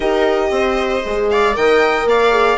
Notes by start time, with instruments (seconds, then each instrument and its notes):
0.00 bassoon D#4, horn G4, viola A#4, violin D#5
0.50 bassoon C4, viola C5
1.03 bassoon G#3, horn G#4
1.29 viola D5, violin F5
1.53 bassoon D#3, horn A#4, viola D#5, violin G5
2.05 bassoon A#3, viola D5, violin F5
2.31 horn G#4